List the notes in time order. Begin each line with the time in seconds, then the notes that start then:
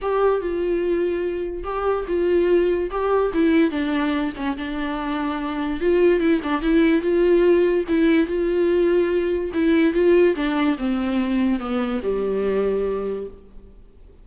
0.01 G4
0.41 F4
1.63 G4
2.07 F4
2.90 G4
3.33 E4
3.70 D4
4.36 C#4
4.57 D4
5.80 F4
6.20 E4
6.43 D4
6.61 E4
7.01 F4
7.88 E4
8.26 F4
9.53 E4
9.93 F4
10.35 D4
10.78 C4
11.59 B3
12.02 G3